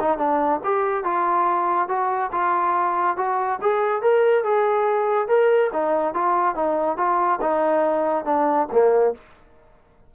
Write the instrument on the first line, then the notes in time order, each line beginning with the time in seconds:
trombone
0.00 D#4
0.18 D4
0.64 G4
1.04 F4
1.88 F#4
2.32 F4
3.17 F#4
3.61 G#4
4.02 A#4
4.44 G#4
5.28 A#4
5.73 D#4
6.14 F4
6.55 D#4
6.97 F4
7.41 D#4
8.25 D4
8.72 A#3